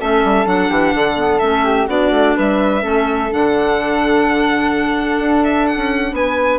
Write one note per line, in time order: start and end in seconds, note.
0.00 0.24 A3
0.00 0.46 C#4
0.00 0.70 A4
0.00 0.47 E5
0.24 0.46 G3
0.46 0.70 F#3
0.46 1.16 D4
0.46 1.39 F#5
0.70 0.94 E3
0.70 0.94 G4
0.94 1.41 D3
0.94 1.65 A4
1.16 1.40 B3
1.39 1.88 A3
1.39 1.88 C#4
1.39 1.86 E5
1.65 1.87 G4
1.87 2.10 B3
1.87 2.82 D4
1.87 2.34 F#4
1.87 2.37 D5
2.10 2.34 A3
2.36 2.84 G3
2.36 2.83 B4
2.36 3.33 E5
2.82 3.31 A3
2.82 3.29 C#4
2.82 6.13 A4
3.31 5.19 D3
3.31 6.59 D4
3.31 5.44 F#5
5.19 5.76 D4
5.44 5.67 E5
5.67 6.14 F#5
5.76 6.12 C#4
6.12 6.59 B3
6.12 6.59 B4
6.12 6.59 G#5